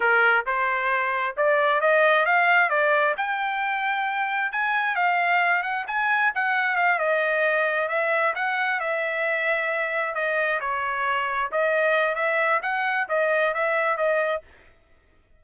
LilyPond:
\new Staff \with { instrumentName = "trumpet" } { \time 4/4 \tempo 4 = 133 ais'4 c''2 d''4 | dis''4 f''4 d''4 g''4~ | g''2 gis''4 f''4~ | f''8 fis''8 gis''4 fis''4 f''8 dis''8~ |
dis''4. e''4 fis''4 e''8~ | e''2~ e''8 dis''4 cis''8~ | cis''4. dis''4. e''4 | fis''4 dis''4 e''4 dis''4 | }